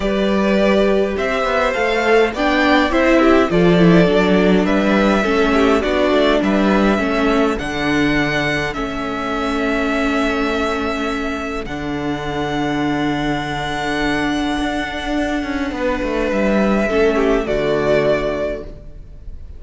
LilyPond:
<<
  \new Staff \with { instrumentName = "violin" } { \time 4/4 \tempo 4 = 103 d''2 e''4 f''4 | g''4 e''4 d''2 | e''2 d''4 e''4~ | e''4 fis''2 e''4~ |
e''1 | fis''1~ | fis''1 | e''2 d''2 | }
  \new Staff \with { instrumentName = "violin" } { \time 4/4 b'2 c''2 | d''4 c''8 g'8 a'2 | b'4 a'8 g'8 fis'4 b'4 | a'1~ |
a'1~ | a'1~ | a'2. b'4~ | b'4 a'8 g'8 fis'2 | }
  \new Staff \with { instrumentName = "viola" } { \time 4/4 g'2. a'4 | d'4 e'4 f'8 e'8 d'4~ | d'4 cis'4 d'2 | cis'4 d'2 cis'4~ |
cis'1 | d'1~ | d'1~ | d'4 cis'4 a2 | }
  \new Staff \with { instrumentName = "cello" } { \time 4/4 g2 c'8 b8 a4 | b4 c'4 f4 fis4 | g4 a4 b8 a8 g4 | a4 d2 a4~ |
a1 | d1~ | d4 d'4. cis'8 b8 a8 | g4 a4 d2 | }
>>